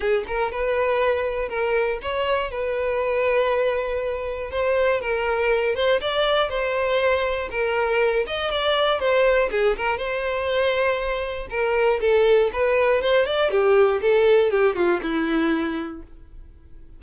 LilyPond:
\new Staff \with { instrumentName = "violin" } { \time 4/4 \tempo 4 = 120 gis'8 ais'8 b'2 ais'4 | cis''4 b'2.~ | b'4 c''4 ais'4. c''8 | d''4 c''2 ais'4~ |
ais'8 dis''8 d''4 c''4 gis'8 ais'8 | c''2. ais'4 | a'4 b'4 c''8 d''8 g'4 | a'4 g'8 f'8 e'2 | }